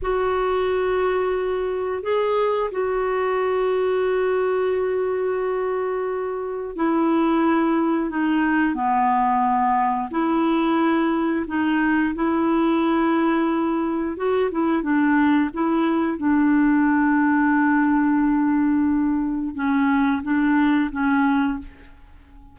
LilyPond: \new Staff \with { instrumentName = "clarinet" } { \time 4/4 \tempo 4 = 89 fis'2. gis'4 | fis'1~ | fis'2 e'2 | dis'4 b2 e'4~ |
e'4 dis'4 e'2~ | e'4 fis'8 e'8 d'4 e'4 | d'1~ | d'4 cis'4 d'4 cis'4 | }